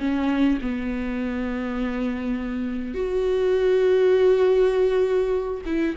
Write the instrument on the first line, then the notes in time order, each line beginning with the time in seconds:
viola
0.00 C#4
0.62 B3
2.95 F#4
5.66 E4